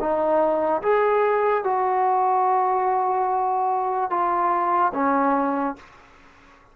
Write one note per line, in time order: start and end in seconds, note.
0.00 0.82 D#4
0.83 1.64 G#4
1.64 4.10 F#4
4.10 4.92 F4
4.94 5.76 C#4